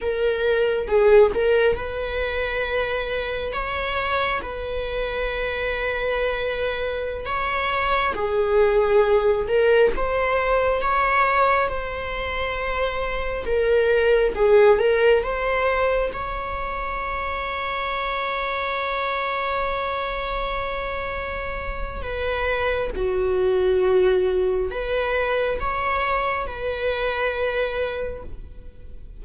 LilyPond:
\new Staff \with { instrumentName = "viola" } { \time 4/4 \tempo 4 = 68 ais'4 gis'8 ais'8 b'2 | cis''4 b'2.~ | b'16 cis''4 gis'4. ais'8 c''8.~ | c''16 cis''4 c''2 ais'8.~ |
ais'16 gis'8 ais'8 c''4 cis''4.~ cis''16~ | cis''1~ | cis''4 b'4 fis'2 | b'4 cis''4 b'2 | }